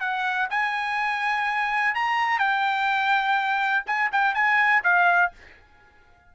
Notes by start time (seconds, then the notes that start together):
0.00 F#5
0.50 G#5
1.95 A#5
2.39 G5
3.86 G#5
4.12 G5
4.34 G#5
4.84 F5